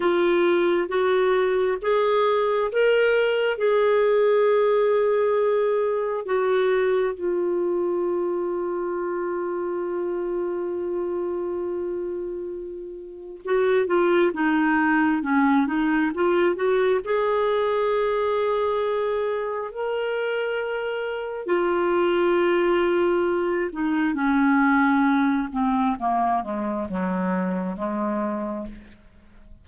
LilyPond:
\new Staff \with { instrumentName = "clarinet" } { \time 4/4 \tempo 4 = 67 f'4 fis'4 gis'4 ais'4 | gis'2. fis'4 | f'1~ | f'2. fis'8 f'8 |
dis'4 cis'8 dis'8 f'8 fis'8 gis'4~ | gis'2 ais'2 | f'2~ f'8 dis'8 cis'4~ | cis'8 c'8 ais8 gis8 fis4 gis4 | }